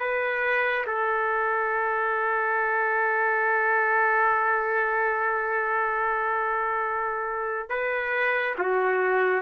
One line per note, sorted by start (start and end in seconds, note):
0.00 0.86 B4
0.87 7.70 A4
7.70 8.56 B4
8.58 9.42 F#4